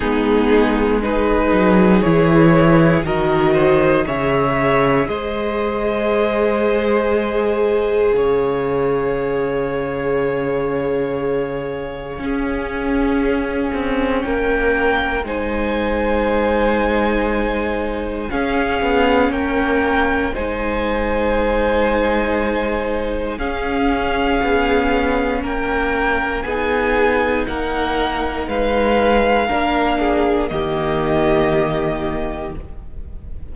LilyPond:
<<
  \new Staff \with { instrumentName = "violin" } { \time 4/4 \tempo 4 = 59 gis'4 b'4 cis''4 dis''4 | e''4 dis''2. | f''1~ | f''2 g''4 gis''4~ |
gis''2 f''4 g''4 | gis''2. f''4~ | f''4 g''4 gis''4 fis''4 | f''2 dis''2 | }
  \new Staff \with { instrumentName = "violin" } { \time 4/4 dis'4 gis'2 ais'8 c''8 | cis''4 c''2. | cis''1 | gis'2 ais'4 c''4~ |
c''2 gis'4 ais'4 | c''2. gis'4~ | gis'4 ais'4 gis'4 ais'4 | b'4 ais'8 gis'8 g'2 | }
  \new Staff \with { instrumentName = "viola" } { \time 4/4 b4 dis'4 e'4 fis'4 | gis'1~ | gis'1 | cis'2. dis'4~ |
dis'2 cis'2 | dis'2. cis'4~ | cis'2 dis'2~ | dis'4 d'4 ais2 | }
  \new Staff \with { instrumentName = "cello" } { \time 4/4 gis4. fis8 e4 dis4 | cis4 gis2. | cis1 | cis'4. c'8 ais4 gis4~ |
gis2 cis'8 b8 ais4 | gis2. cis'4 | b4 ais4 b4 ais4 | gis4 ais4 dis2 | }
>>